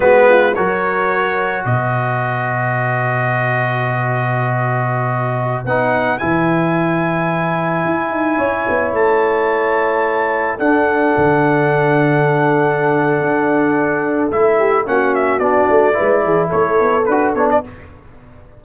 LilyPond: <<
  \new Staff \with { instrumentName = "trumpet" } { \time 4/4 \tempo 4 = 109 b'4 cis''2 dis''4~ | dis''1~ | dis''2~ dis''16 fis''4 gis''8.~ | gis''1~ |
gis''16 a''2. fis''8.~ | fis''1~ | fis''2 e''4 fis''8 e''8 | d''2 cis''4 b'8 cis''16 d''16 | }
  \new Staff \with { instrumentName = "horn" } { \time 4/4 fis'8 f'8 ais'2 b'4~ | b'1~ | b'1~ | b'2.~ b'16 cis''8.~ |
cis''2.~ cis''16 a'8.~ | a'1~ | a'2~ a'8 g'8 fis'4~ | fis'4 b'8 gis'8 a'2 | }
  \new Staff \with { instrumentName = "trombone" } { \time 4/4 b4 fis'2.~ | fis'1~ | fis'2~ fis'16 dis'4 e'8.~ | e'1~ |
e'2.~ e'16 d'8.~ | d'1~ | d'2 e'4 cis'4 | d'4 e'2 fis'8 d'8 | }
  \new Staff \with { instrumentName = "tuba" } { \time 4/4 gis4 fis2 b,4~ | b,1~ | b,2~ b,16 b4 e8.~ | e2~ e16 e'8 dis'8 cis'8 b16~ |
b16 a2. d'8.~ | d'16 d2.~ d8. | d'2 a4 ais4 | b8 a8 gis8 e8 a8 b8 d'8 b8 | }
>>